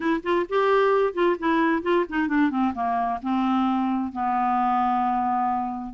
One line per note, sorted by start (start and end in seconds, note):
0.00 0.20 E4
0.23 0.46 F4
0.49 1.13 G4
1.13 1.36 F4
1.39 1.82 E4
1.82 2.05 F4
2.09 2.28 D#4
2.28 2.50 D4
2.50 2.73 C4
2.74 3.19 A#3
3.22 4.12 C4
4.12 5.94 B3